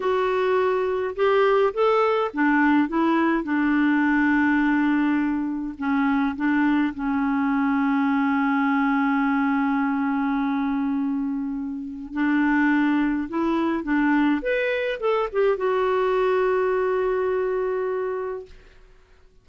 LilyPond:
\new Staff \with { instrumentName = "clarinet" } { \time 4/4 \tempo 4 = 104 fis'2 g'4 a'4 | d'4 e'4 d'2~ | d'2 cis'4 d'4 | cis'1~ |
cis'1~ | cis'4 d'2 e'4 | d'4 b'4 a'8 g'8 fis'4~ | fis'1 | }